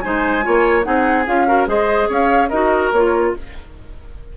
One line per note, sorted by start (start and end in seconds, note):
0.00 0.46 G#3
0.00 0.42 D#4
0.00 0.45 C5
0.00 0.83 G#5
0.42 0.86 A#3
0.42 0.83 F4
0.42 0.86 C#5
0.83 1.27 C4
0.83 1.24 D#4
0.83 1.47 G#4
0.83 1.25 F#5
1.27 1.67 C#4
1.27 1.47 F4
1.27 1.68 F5
1.47 1.67 F#4
1.47 1.68 A#4
1.67 2.08 G#3
1.67 2.49 G#4
1.67 2.09 C5
1.67 2.10 D#5
2.09 2.51 C#4
2.09 2.49 C#5
2.09 2.49 F5
2.49 2.92 D#4
2.49 2.94 F#4
2.49 3.32 A#4
2.49 2.90 D#5
2.92 3.34 A#3
2.92 3.37 F4
2.92 3.34 C#5